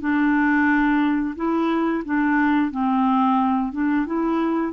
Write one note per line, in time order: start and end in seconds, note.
0.00 1.35 D4
1.35 2.03 E4
2.05 2.71 D4
2.71 3.72 C4
3.72 4.06 D4
4.06 4.73 E4